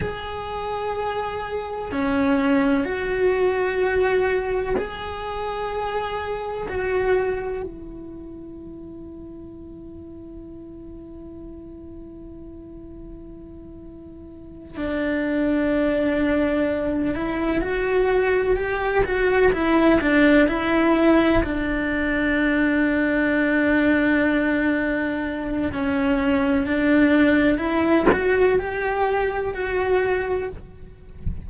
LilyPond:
\new Staff \with { instrumentName = "cello" } { \time 4/4 \tempo 4 = 63 gis'2 cis'4 fis'4~ | fis'4 gis'2 fis'4 | e'1~ | e'2.~ e'8 d'8~ |
d'2 e'8 fis'4 g'8 | fis'8 e'8 d'8 e'4 d'4.~ | d'2. cis'4 | d'4 e'8 fis'8 g'4 fis'4 | }